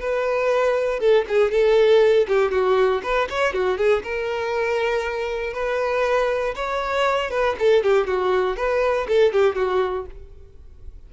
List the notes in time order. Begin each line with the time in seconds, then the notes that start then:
0.00 B4
0.99 A4
1.28 G#4
1.51 A4
2.28 G4
2.51 F#4
3.03 B4
3.29 C#5
3.53 F#4
3.77 G#4
4.03 A#4
5.53 B4
6.55 C#5
7.30 B4
7.59 A4
7.83 G4
8.07 F#4
8.56 B4
9.08 A4
9.33 G4
9.55 F#4